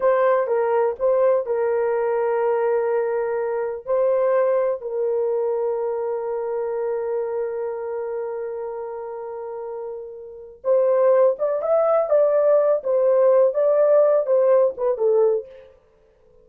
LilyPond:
\new Staff \with { instrumentName = "horn" } { \time 4/4 \tempo 4 = 124 c''4 ais'4 c''4 ais'4~ | ais'1 | c''2 ais'2~ | ais'1~ |
ais'1~ | ais'2 c''4. d''8 | e''4 d''4. c''4. | d''4. c''4 b'8 a'4 | }